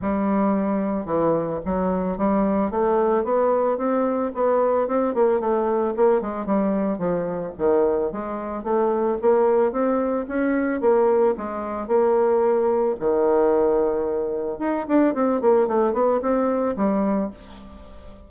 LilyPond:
\new Staff \with { instrumentName = "bassoon" } { \time 4/4 \tempo 4 = 111 g2 e4 fis4 | g4 a4 b4 c'4 | b4 c'8 ais8 a4 ais8 gis8 | g4 f4 dis4 gis4 |
a4 ais4 c'4 cis'4 | ais4 gis4 ais2 | dis2. dis'8 d'8 | c'8 ais8 a8 b8 c'4 g4 | }